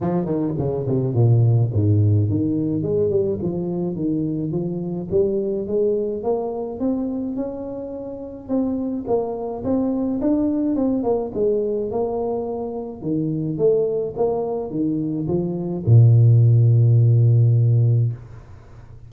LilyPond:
\new Staff \with { instrumentName = "tuba" } { \time 4/4 \tempo 4 = 106 f8 dis8 cis8 c8 ais,4 gis,4 | dis4 gis8 g8 f4 dis4 | f4 g4 gis4 ais4 | c'4 cis'2 c'4 |
ais4 c'4 d'4 c'8 ais8 | gis4 ais2 dis4 | a4 ais4 dis4 f4 | ais,1 | }